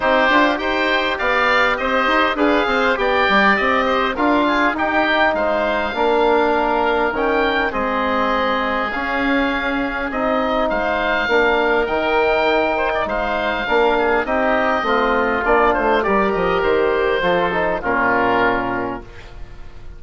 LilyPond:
<<
  \new Staff \with { instrumentName = "oboe" } { \time 4/4 \tempo 4 = 101 c''4 g''4 f''4 dis''4 | f''4 g''4 dis''4 f''4 | g''4 f''2. | g''4 dis''2 f''4~ |
f''4 dis''4 f''2 | g''2 f''2 | dis''2 d''8 c''8 d''8 dis''8 | c''2 ais'2 | }
  \new Staff \with { instrumentName = "oboe" } { \time 4/4 g'4 c''4 d''4 c''4 | b'8 c''8 d''4. c''8 ais'8 gis'8 | g'4 c''4 ais'2~ | ais'4 gis'2.~ |
gis'2 c''4 ais'4~ | ais'4. c''16 d''16 c''4 ais'8 gis'8 | g'4 f'2 ais'4~ | ais'4 a'4 f'2 | }
  \new Staff \with { instrumentName = "trombone" } { \time 4/4 dis'8 f'8 g'2. | gis'4 g'2 f'4 | dis'2 d'2 | cis'4 c'2 cis'4~ |
cis'4 dis'2 d'4 | dis'2. d'4 | dis'4 c'4 d'4 g'4~ | g'4 f'8 dis'8 cis'2 | }
  \new Staff \with { instrumentName = "bassoon" } { \time 4/4 c'8 d'8 dis'4 b4 c'8 dis'8 | d'8 c'8 b8 g8 c'4 d'4 | dis'4 gis4 ais2 | dis4 gis2 cis'4~ |
cis'4 c'4 gis4 ais4 | dis2 gis4 ais4 | c'4 a4 ais8 a8 g8 f8 | dis4 f4 ais,2 | }
>>